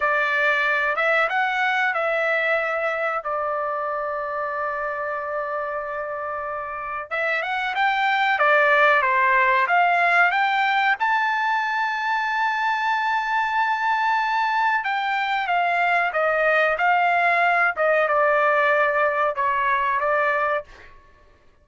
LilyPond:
\new Staff \with { instrumentName = "trumpet" } { \time 4/4 \tempo 4 = 93 d''4. e''8 fis''4 e''4~ | e''4 d''2.~ | d''2. e''8 fis''8 | g''4 d''4 c''4 f''4 |
g''4 a''2.~ | a''2. g''4 | f''4 dis''4 f''4. dis''8 | d''2 cis''4 d''4 | }